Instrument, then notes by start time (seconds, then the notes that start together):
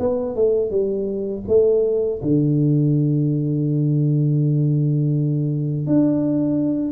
tuba
0.00 B3
0.36 A3
0.71 G3
1.48 A3
2.23 D3
5.87 D4